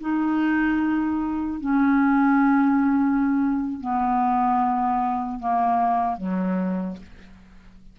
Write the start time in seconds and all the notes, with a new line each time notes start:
0.00 D#4
1.60 C#4
3.80 B3
5.39 A#3
6.17 F#3